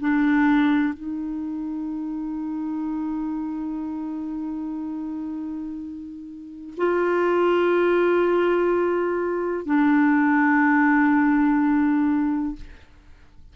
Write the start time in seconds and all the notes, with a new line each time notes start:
0.00 D4
0.93 D#4
6.77 F4
9.65 D4